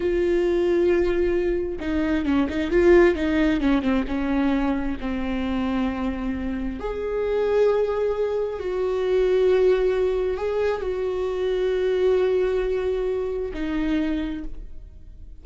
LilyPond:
\new Staff \with { instrumentName = "viola" } { \time 4/4 \tempo 4 = 133 f'1 | dis'4 cis'8 dis'8 f'4 dis'4 | cis'8 c'8 cis'2 c'4~ | c'2. gis'4~ |
gis'2. fis'4~ | fis'2. gis'4 | fis'1~ | fis'2 dis'2 | }